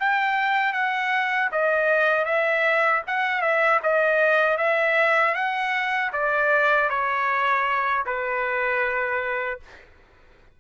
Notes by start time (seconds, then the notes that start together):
0.00 G5
0.73 F#5
1.52 D#5
2.26 E5
3.07 F#5
3.42 E5
3.84 D#5
4.58 E5
5.35 F#5
6.13 D5
6.90 C#5
8.06 B4